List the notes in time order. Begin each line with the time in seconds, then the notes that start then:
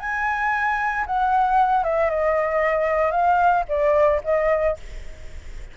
0.00 G#5
1.07 F#5
1.84 E5
2.10 D#5
3.11 F5
3.69 D5
4.24 D#5